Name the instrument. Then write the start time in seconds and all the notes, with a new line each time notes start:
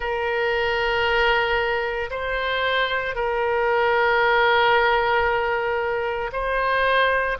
oboe
0.00 A#4
2.10 C5
3.15 A#4
6.32 C5